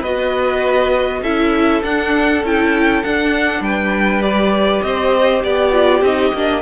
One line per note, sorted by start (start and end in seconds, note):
0.00 1.22 B3
0.00 1.24 F#4
0.00 1.20 B4
0.00 1.22 D#5
1.22 1.82 C#4
1.22 1.82 E4
1.22 3.62 A4
1.22 1.82 E5
1.82 2.42 D4
1.82 2.43 D4
1.82 2.44 F#5
2.43 3.03 C#4
2.43 3.04 E4
2.43 3.03 G5
3.03 4.22 D4
3.03 3.60 D4
3.03 3.62 F#5
3.60 4.80 G3
3.60 4.84 B4
3.60 4.22 G5
4.22 5.71 G4
4.22 4.82 D5
4.82 5.43 C4
4.82 5.44 C5
4.82 5.42 D#5
5.44 6.01 B3
5.44 6.61 G4
5.44 6.04 D5
5.71 6.01 F4
6.01 6.31 C4
6.01 6.35 D#4
6.01 6.61 D#5
6.33 6.61 A#3
6.33 6.61 D4